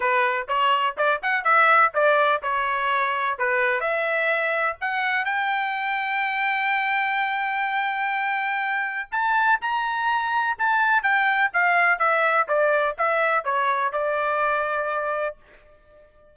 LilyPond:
\new Staff \with { instrumentName = "trumpet" } { \time 4/4 \tempo 4 = 125 b'4 cis''4 d''8 fis''8 e''4 | d''4 cis''2 b'4 | e''2 fis''4 g''4~ | g''1~ |
g''2. a''4 | ais''2 a''4 g''4 | f''4 e''4 d''4 e''4 | cis''4 d''2. | }